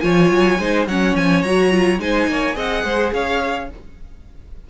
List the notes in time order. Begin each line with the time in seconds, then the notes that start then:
0.00 F3 F4 C#5 G#5
0.30 F#3
0.59 G#3 D#4 C5
0.87 F#3 C#4 C#5 F#5
1.16 F3 G#5
1.42 F#3 F#4 A#5
1.71 F4
1.99 G#3 D#4 C5 G#5
2.27 A#3 C#5
2.53 C4 G#4 D#5 F#5
2.83 G#3 C5
3.13 C#4 C#5 F5